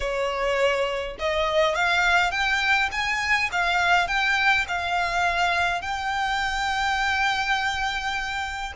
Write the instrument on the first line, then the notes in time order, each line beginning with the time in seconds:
violin
0.00 C#5
1.19 D#5
1.75 F5
2.31 G5
2.91 G#5
3.51 F5
4.07 G5
4.68 F5
5.81 G5